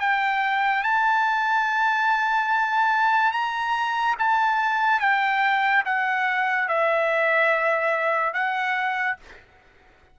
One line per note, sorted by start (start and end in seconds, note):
0.00 0.83 G5
0.83 3.32 A5
3.32 4.15 A#5
4.19 5.00 A5
5.00 5.83 G5
5.85 6.68 F#5
6.68 8.34 E5
8.34 9.17 F#5